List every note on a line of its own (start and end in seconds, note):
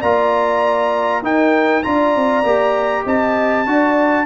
0.00 1.22 A#3
0.00 1.22 F4
0.00 1.21 D5
0.00 1.22 A#5
1.22 1.82 D#4
1.22 1.83 D#4
1.22 1.84 A#4
1.22 1.82 G5
1.82 2.15 D4
1.82 2.44 F4
1.82 3.04 D5
1.82 3.04 A#5
2.15 2.43 C4
2.43 3.04 A#3
2.43 3.65 G4
3.04 3.66 C4
3.04 3.65 D#5
3.04 4.26 A5
3.65 4.26 D4
3.65 4.26 F#4
3.65 4.26 D5